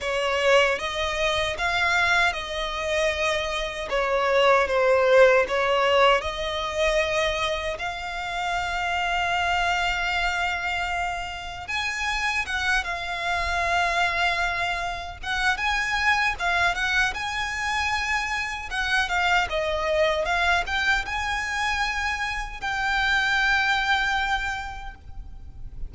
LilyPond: \new Staff \with { instrumentName = "violin" } { \time 4/4 \tempo 4 = 77 cis''4 dis''4 f''4 dis''4~ | dis''4 cis''4 c''4 cis''4 | dis''2 f''2~ | f''2. gis''4 |
fis''8 f''2. fis''8 | gis''4 f''8 fis''8 gis''2 | fis''8 f''8 dis''4 f''8 g''8 gis''4~ | gis''4 g''2. | }